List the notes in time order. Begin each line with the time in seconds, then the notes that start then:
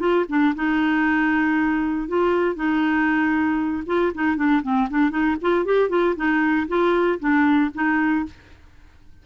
0.00 F4
0.29 D4
0.56 D#4
2.08 F4
2.56 D#4
3.87 F4
4.15 D#4
4.37 D4
4.63 C4
4.90 D4
5.11 D#4
5.42 F4
5.65 G4
5.90 F4
6.17 D#4
6.69 F4
7.20 D4
7.75 D#4